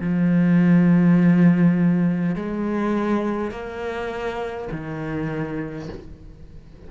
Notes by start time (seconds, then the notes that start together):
0.00 F3
2.35 G#3
3.51 A#3
4.71 D#3